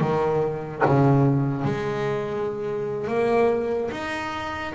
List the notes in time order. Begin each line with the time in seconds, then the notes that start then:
0.00 D#3
0.85 C#3
1.64 G#3
3.07 A#3
3.91 D#4